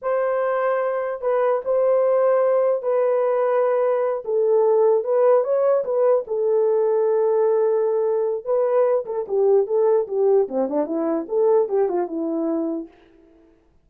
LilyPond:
\new Staff \with { instrumentName = "horn" } { \time 4/4 \tempo 4 = 149 c''2. b'4 | c''2. b'4~ | b'2~ b'8 a'4.~ | a'8 b'4 cis''4 b'4 a'8~ |
a'1~ | a'4 b'4. a'8 g'4 | a'4 g'4 c'8 d'8 e'4 | a'4 g'8 f'8 e'2 | }